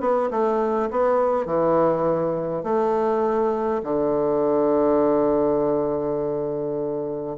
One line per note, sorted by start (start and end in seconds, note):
0.00 0.29 B3
0.30 0.89 A3
0.90 1.46 B3
1.46 2.63 E3
2.63 3.81 A3
3.83 7.36 D3